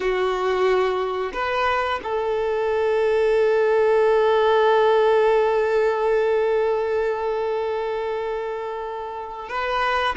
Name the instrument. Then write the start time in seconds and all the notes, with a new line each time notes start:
violin
0.00 F#4
1.33 B4
2.03 A4
9.48 B4